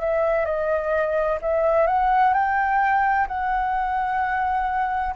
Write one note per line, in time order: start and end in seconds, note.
0.00 0.45 E5
0.45 1.38 D#5
1.41 1.87 E5
1.87 2.33 F#5
2.33 3.27 G5
3.27 5.15 F#5